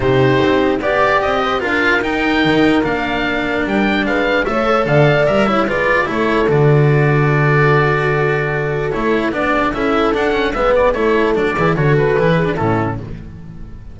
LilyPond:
<<
  \new Staff \with { instrumentName = "oboe" } { \time 4/4 \tempo 4 = 148 c''2 d''4 dis''4 | f''4 g''2 f''4~ | f''4 g''4 f''4 e''4 | f''4 e''4 d''4 cis''4 |
d''1~ | d''2 cis''4 d''4 | e''4 fis''4 e''8 d''8 cis''4 | d''4 cis''8 b'4. a'4 | }
  \new Staff \with { instrumentName = "horn" } { \time 4/4 g'2 d''4. c''8 | ais'1~ | ais'2 b'4 cis''4 | d''4. cis''8 b'4 a'4~ |
a'1~ | a'2.~ a'8 gis'8 | a'2 b'4 a'4~ | a'8 gis'8 a'4. gis'8 e'4 | }
  \new Staff \with { instrumentName = "cello" } { \time 4/4 dis'2 g'2 | f'4 dis'2 d'4~ | d'2. a'4~ | a'4 ais'8 e'8 f'4 e'4 |
fis'1~ | fis'2 e'4 d'4 | e'4 d'8 cis'8 b4 e'4 | d'8 e'8 fis'4 e'8. d'16 cis'4 | }
  \new Staff \with { instrumentName = "double bass" } { \time 4/4 c4 c'4 b4 c'4 | d'4 dis'4 dis4 ais4~ | ais4 g4 gis4 a4 | d4 g4 gis4 a4 |
d1~ | d2 a4 b4 | cis'4 d'4 gis4 a4 | fis8 e8 d4 e4 a,4 | }
>>